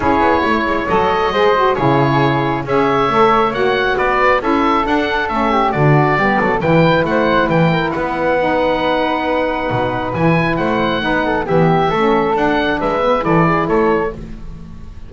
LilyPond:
<<
  \new Staff \with { instrumentName = "oboe" } { \time 4/4 \tempo 4 = 136 cis''2 dis''2 | cis''2 e''2 | fis''4 d''4 e''4 fis''4 | e''4 d''2 g''4 |
fis''4 g''4 fis''2~ | fis''2. gis''4 | fis''2 e''2 | fis''4 e''4 d''4 cis''4 | }
  \new Staff \with { instrumentName = "flute" } { \time 4/4 gis'4 cis''2 c''4 | gis'2 cis''2~ | cis''4 b'4 a'2~ | a'8 g'8 fis'4 g'8 a'8 b'4 |
c''4 b'8 ais'8 b'2~ | b'1 | c''4 b'8 a'8 g'4 a'4~ | a'4 b'4 a'8 gis'8 a'4 | }
  \new Staff \with { instrumentName = "saxophone" } { \time 4/4 e'2 a'4 gis'8 fis'8 | e'2 gis'4 a'4 | fis'2 e'4 d'4 | cis'4 d'4 b4 e'4~ |
e'2. dis'4~ | dis'2. e'4~ | e'4 dis'4 b4 cis'4 | d'4. b8 e'2 | }
  \new Staff \with { instrumentName = "double bass" } { \time 4/4 cis'8 b8 a8 gis8 fis4 gis4 | cis2 cis'4 a4 | ais4 b4 cis'4 d'4 | a4 d4 g8 fis8 e4 |
a4 e4 b2~ | b2 b,4 e4 | a4 b4 e4 a4 | d'4 gis4 e4 a4 | }
>>